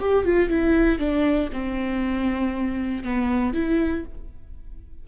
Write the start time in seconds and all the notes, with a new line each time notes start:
0.00 G4
0.24 F4
0.49 E4
0.99 D4
1.53 C4
3.04 B3
3.54 E4